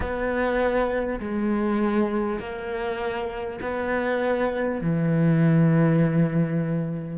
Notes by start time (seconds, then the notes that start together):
0.00 B3
1.20 G#3
2.39 A#3
3.61 B3
4.81 E3